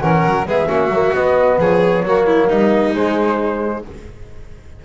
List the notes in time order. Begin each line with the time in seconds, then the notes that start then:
0.00 E3 C#4 A#4 F#5
0.25 F#3
0.46 G#3 B3 G#4 E5
0.67 A#3 C#4 F#4
0.89 F#3 A#3
1.13 B3 D#5
1.58 F3 G#4 C#5
2.03 F#3 A#3 F#4
2.27 E4
2.48 G3 D#4 D#5
2.94 G#3 C5